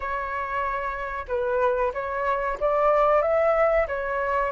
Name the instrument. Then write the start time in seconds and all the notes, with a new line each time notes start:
flute
0.00 C#5
1.28 B4
1.93 C#5
2.60 D5
3.22 E5
3.87 C#5